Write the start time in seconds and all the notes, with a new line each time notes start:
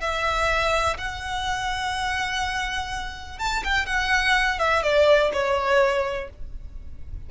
0.00 E5
0.97 F#5
3.38 A5
3.64 G5
3.86 F#5
4.58 E5
4.82 D5
5.32 C#5